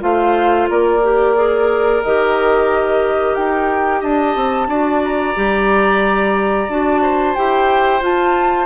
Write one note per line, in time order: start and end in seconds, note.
0.00 0.70 A3
0.00 1.00 F4
0.00 0.70 C5
0.00 0.69 F5
0.70 2.03 A#3
0.70 4.01 A#4
0.70 2.03 D5
1.03 1.36 G4
1.36 2.03 G#4
2.03 3.37 D#3
2.03 4.70 G4
2.03 3.35 D#5
3.35 4.03 D#4
3.35 4.02 G5
4.01 4.36 D4
4.01 4.67 D#5
4.01 5.03 A5
4.36 4.68 C4
4.68 5.35 D4
4.68 5.36 F#4
4.68 7.02 D5
5.04 6.71 A#5
5.36 6.69 G3
5.36 6.69 G4
6.69 7.35 D4
6.69 7.36 F#4
6.69 7.36 A5
7.02 8.67 C5
7.36 8.02 E4
7.36 8.01 G4
7.36 8.02 G5
8.01 8.67 F4
8.01 8.67 A5